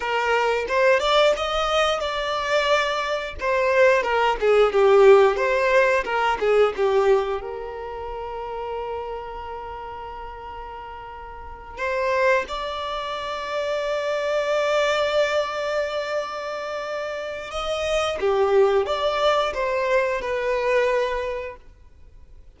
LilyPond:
\new Staff \with { instrumentName = "violin" } { \time 4/4 \tempo 4 = 89 ais'4 c''8 d''8 dis''4 d''4~ | d''4 c''4 ais'8 gis'8 g'4 | c''4 ais'8 gis'8 g'4 ais'4~ | ais'1~ |
ais'4. c''4 d''4.~ | d''1~ | d''2 dis''4 g'4 | d''4 c''4 b'2 | }